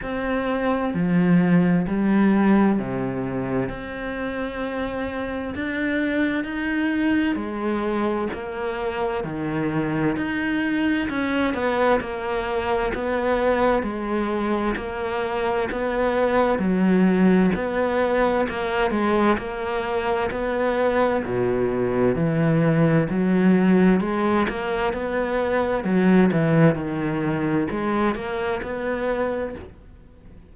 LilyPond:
\new Staff \with { instrumentName = "cello" } { \time 4/4 \tempo 4 = 65 c'4 f4 g4 c4 | c'2 d'4 dis'4 | gis4 ais4 dis4 dis'4 | cis'8 b8 ais4 b4 gis4 |
ais4 b4 fis4 b4 | ais8 gis8 ais4 b4 b,4 | e4 fis4 gis8 ais8 b4 | fis8 e8 dis4 gis8 ais8 b4 | }